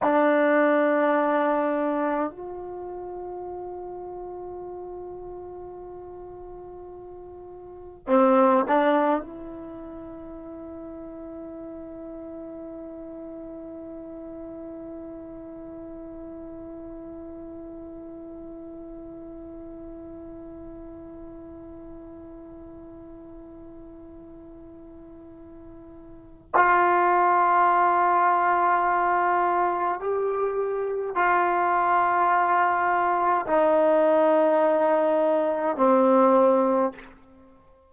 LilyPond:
\new Staff \with { instrumentName = "trombone" } { \time 4/4 \tempo 4 = 52 d'2 f'2~ | f'2. c'8 d'8 | e'1~ | e'1~ |
e'1~ | e'2. f'4~ | f'2 g'4 f'4~ | f'4 dis'2 c'4 | }